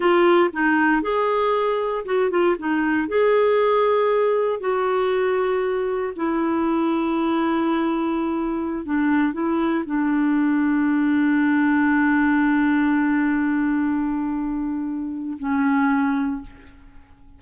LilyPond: \new Staff \with { instrumentName = "clarinet" } { \time 4/4 \tempo 4 = 117 f'4 dis'4 gis'2 | fis'8 f'8 dis'4 gis'2~ | gis'4 fis'2. | e'1~ |
e'4~ e'16 d'4 e'4 d'8.~ | d'1~ | d'1~ | d'2 cis'2 | }